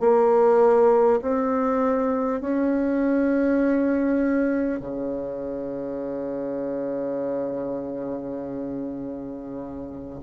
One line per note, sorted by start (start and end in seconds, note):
0.00 1.20 A#3
1.21 2.41 C4
2.41 4.79 C#4
4.79 10.19 C#3